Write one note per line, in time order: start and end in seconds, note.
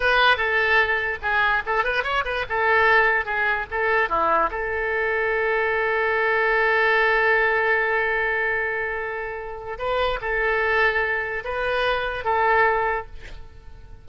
0.00 0.37 B4
0.37 1.18 A4
1.22 1.62 G#4
1.66 1.83 A4
1.83 2.03 B4
2.03 2.24 C#5
2.24 2.45 B4
2.49 3.25 A4
3.25 3.66 G#4
3.70 4.09 A4
4.09 4.50 E4
4.50 9.78 A4
9.78 10.19 B4
10.21 11.43 A4
11.44 12.24 B4
12.24 13.05 A4